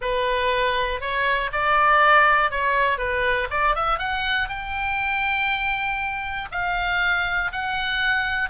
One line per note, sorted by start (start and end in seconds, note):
0.01 1.00 B4
1.00 1.50 C#5
1.52 2.50 D5
2.50 2.97 C#5
2.97 3.47 B4
3.50 3.75 D5
3.75 3.98 E5
3.98 4.48 F#5
4.48 6.48 G5
6.51 7.51 F5
7.52 8.49 F#5